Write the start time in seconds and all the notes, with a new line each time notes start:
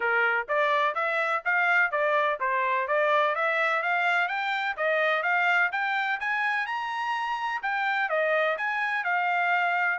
0.00 A#4
0.48 D5
0.94 E5
1.44 F5
1.91 D5
2.39 C5
2.87 D5
3.35 E5
3.82 F5
4.27 G5
4.76 D#5
5.22 F5
5.71 G5
6.19 G#5
6.66 A#5
7.62 G5
8.09 D#5
8.57 G#5
9.03 F5